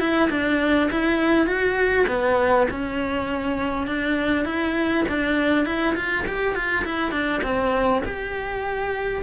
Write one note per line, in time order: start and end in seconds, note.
0.00 0.30 E4
0.31 0.90 D4
0.91 1.47 E4
1.47 2.06 F#4
2.08 2.67 B3
2.71 3.87 C#4
3.87 4.45 D4
4.45 5.04 E4
5.09 5.65 D4
5.65 5.95 E4
5.95 6.25 F4
6.27 6.55 G4
6.55 6.85 F4
6.85 7.12 E4
7.12 7.41 D4
7.43 8.03 C4
8.06 9.23 G4